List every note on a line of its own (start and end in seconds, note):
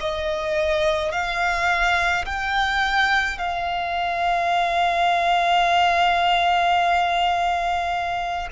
0.00 1.12 D#5
1.12 2.25 F5
2.25 3.39 G5
3.39 8.48 F5